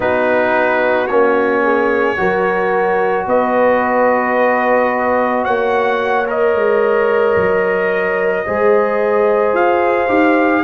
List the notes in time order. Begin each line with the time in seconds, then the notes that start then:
0.00 B3 D#4 F#4 B4
1.07 A#3 C#4 C#5
1.62 G#4
2.16 F#3 F#4 A#4
3.27 B3 B4 D#5
5.44 A#3 C#5 F#5
6.27 A#4 D#5
6.54 G#3
7.36 F#3
8.45 G#3 G#4 C5
9.53 F4 F5
10.08 D#4 G4